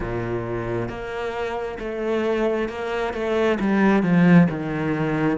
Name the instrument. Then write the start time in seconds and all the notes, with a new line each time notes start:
cello
0.00 A#2
0.88 A#3
1.79 A3
2.69 A#3
3.13 A3
3.60 G3
4.02 F3
4.49 D#3